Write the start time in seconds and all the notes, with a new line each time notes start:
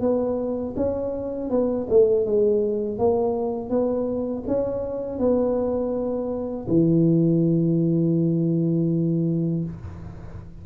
0.00 B3
0.76 C#4
1.50 B3
1.90 A3
2.26 G#3
2.98 A#3
3.69 B3
4.47 C#4
5.19 B3
6.68 E3